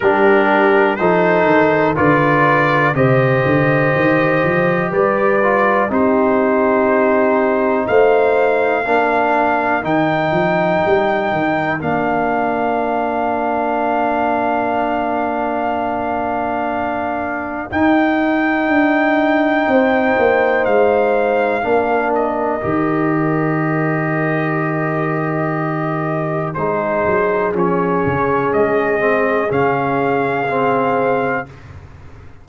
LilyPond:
<<
  \new Staff \with { instrumentName = "trumpet" } { \time 4/4 \tempo 4 = 61 ais'4 c''4 d''4 dis''4~ | dis''4 d''4 c''2 | f''2 g''2 | f''1~ |
f''2 g''2~ | g''4 f''4. dis''4.~ | dis''2. c''4 | cis''4 dis''4 f''2 | }
  \new Staff \with { instrumentName = "horn" } { \time 4/4 g'4 a'4 b'4 c''4~ | c''4 b'4 g'2 | c''4 ais'2.~ | ais'1~ |
ais'1 | c''2 ais'2~ | ais'2. gis'4~ | gis'1 | }
  \new Staff \with { instrumentName = "trombone" } { \time 4/4 d'4 dis'4 f'4 g'4~ | g'4. f'8 dis'2~ | dis'4 d'4 dis'2 | d'1~ |
d'2 dis'2~ | dis'2 d'4 g'4~ | g'2. dis'4 | cis'4. c'8 cis'4 c'4 | }
  \new Staff \with { instrumentName = "tuba" } { \time 4/4 g4 f8 dis8 d4 c8 d8 | dis8 f8 g4 c'2 | a4 ais4 dis8 f8 g8 dis8 | ais1~ |
ais2 dis'4 d'4 | c'8 ais8 gis4 ais4 dis4~ | dis2. gis8 fis8 | f8 cis8 gis4 cis2 | }
>>